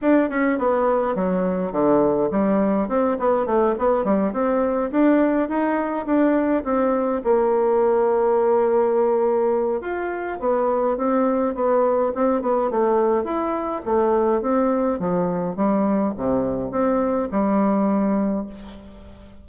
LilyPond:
\new Staff \with { instrumentName = "bassoon" } { \time 4/4 \tempo 4 = 104 d'8 cis'8 b4 fis4 d4 | g4 c'8 b8 a8 b8 g8 c'8~ | c'8 d'4 dis'4 d'4 c'8~ | c'8 ais2.~ ais8~ |
ais4 f'4 b4 c'4 | b4 c'8 b8 a4 e'4 | a4 c'4 f4 g4 | c4 c'4 g2 | }